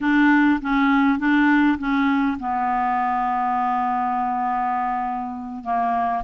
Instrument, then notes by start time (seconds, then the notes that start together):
clarinet
0.00 D4
0.61 C#4
1.18 D4
1.78 C#4
2.39 B3
5.64 A#3